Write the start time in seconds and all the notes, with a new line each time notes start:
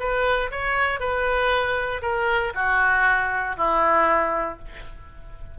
0.00 B4
0.51 C#5
1.00 B4
2.02 A#4
2.54 F#4
3.57 E4